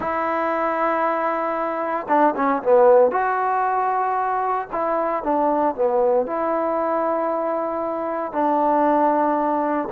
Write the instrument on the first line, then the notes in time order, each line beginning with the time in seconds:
trombone
0.00 E4
2.08 D4
2.36 C#4
2.62 B3
3.11 F#4
4.71 E4
5.23 D4
5.75 B3
6.26 E4
8.32 D4